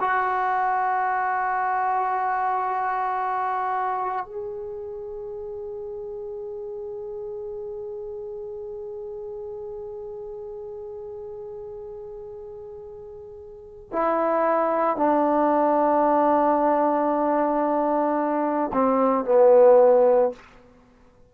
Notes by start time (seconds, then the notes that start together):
0.00 F#4
4.25 G#4
13.92 E4
14.96 D4
18.73 C4
19.25 B3